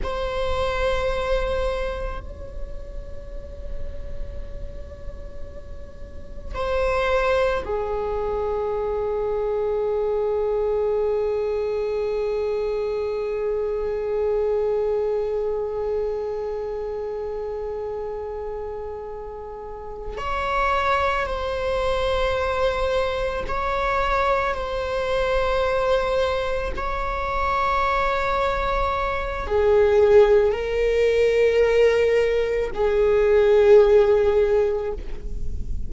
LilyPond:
\new Staff \with { instrumentName = "viola" } { \time 4/4 \tempo 4 = 55 c''2 cis''2~ | cis''2 c''4 gis'4~ | gis'1~ | gis'1~ |
gis'2~ gis'8 cis''4 c''8~ | c''4. cis''4 c''4.~ | c''8 cis''2~ cis''8 gis'4 | ais'2 gis'2 | }